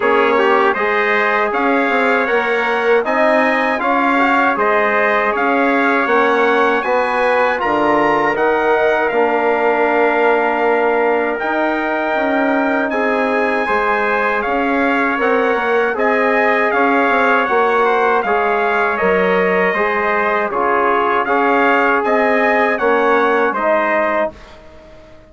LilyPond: <<
  \new Staff \with { instrumentName = "trumpet" } { \time 4/4 \tempo 4 = 79 cis''4 dis''4 f''4 fis''4 | gis''4 f''4 dis''4 f''4 | fis''4 gis''4 ais''4 fis''4 | f''2. g''4~ |
g''4 gis''2 f''4 | fis''4 gis''4 f''4 fis''4 | f''4 dis''2 cis''4 | f''4 gis''4 fis''4 dis''4 | }
  \new Staff \with { instrumentName = "trumpet" } { \time 4/4 gis'8 g'8 c''4 cis''2 | dis''4 cis''4 c''4 cis''4~ | cis''4 b'4 ais'2~ | ais'1~ |
ais'4 gis'4 c''4 cis''4~ | cis''4 dis''4 cis''4. c''8 | cis''2 c''4 gis'4 | cis''4 dis''4 cis''4 c''4 | }
  \new Staff \with { instrumentName = "trombone" } { \time 4/4 cis'4 gis'2 ais'4 | dis'4 f'8 fis'8 gis'2 | cis'4 fis'4 f'4 dis'4 | d'2. dis'4~ |
dis'2 gis'2 | ais'4 gis'2 fis'4 | gis'4 ais'4 gis'4 f'4 | gis'2 cis'4 dis'4 | }
  \new Staff \with { instrumentName = "bassoon" } { \time 4/4 ais4 gis4 cis'8 c'8 ais4 | c'4 cis'4 gis4 cis'4 | ais4 b4 d4 dis4 | ais2. dis'4 |
cis'4 c'4 gis4 cis'4 | c'8 ais8 c'4 cis'8 c'8 ais4 | gis4 fis4 gis4 cis4 | cis'4 c'4 ais4 gis4 | }
>>